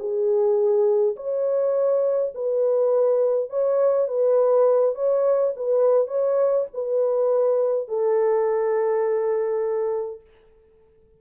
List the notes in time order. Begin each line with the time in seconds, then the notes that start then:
0.00 G#4
1.17 C#5
2.35 B4
3.50 C#5
4.08 B4
4.96 C#5
5.57 B4
6.08 C#5
6.74 B4
7.89 A4